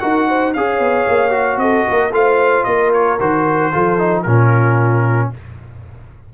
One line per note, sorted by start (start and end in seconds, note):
0.00 0.56 D#4
0.00 0.54 F#4
0.00 0.28 A#4
0.00 0.53 F#5
0.28 0.55 C5
0.54 0.80 C#4
0.54 1.31 G#4
0.54 1.62 C#5
0.54 1.59 F5
0.80 1.06 B3
1.08 1.57 A#3
1.31 2.10 F#4
1.57 1.84 C4
1.57 1.88 A4
1.57 2.12 D#5
1.88 2.11 A#3
1.88 2.14 A#4
2.11 2.64 A3
2.11 3.19 F4
2.11 2.67 C5
2.11 2.64 F5
2.64 3.20 A#3
2.64 3.73 A#4
2.64 2.91 D#5
2.93 3.20 C#5
3.20 3.73 D#3
3.20 3.72 F#4
3.20 4.23 C5
3.72 4.26 F3
3.72 3.99 F4
3.72 4.24 A4
3.99 4.25 D#4
4.23 5.32 A#2
4.23 5.34 C#4
4.23 5.30 F4
4.23 5.29 A#4